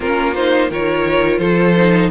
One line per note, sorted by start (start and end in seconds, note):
0.00 0.70 A#3
0.00 0.34 C#4
0.00 0.70 F4
0.00 0.34 A#4
0.34 0.70 D#4
0.34 0.69 C5
0.70 1.39 D#3
0.70 1.76 F4
0.70 1.39 A#4
0.70 1.39 C#5
1.39 2.09 F3
1.39 2.09 A4
1.39 2.09 C5
1.76 2.11 D#4